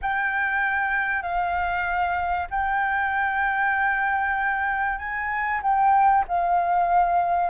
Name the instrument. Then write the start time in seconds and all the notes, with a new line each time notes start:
flute
0.01 G5
1.22 F5
2.50 G5
4.98 G#5
5.62 G5
6.28 F5